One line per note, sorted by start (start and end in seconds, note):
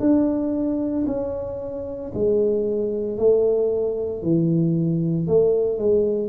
0.00 1.05 D4
1.06 2.11 C#4
2.14 3.17 G#3
3.17 4.22 A3
4.22 5.27 E3
5.27 5.78 A3
5.78 6.29 G#3